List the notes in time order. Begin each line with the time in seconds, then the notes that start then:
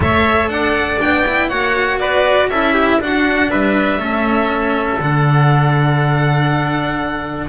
0.00 A3 A4 C#5 E5
0.48 D4 D5 F#5
0.99 B3 D4 G5
1.26 E4
1.48 A#3 F#4 C#5 F#5
1.99 B3 B4 D5
2.49 C#4 E4 A4 E5
2.73 G4
3.00 D4 F#4 F#5
3.50 G3 B4 E5
3.98 A3 C#4 A4
4.99 D3 D4 F#5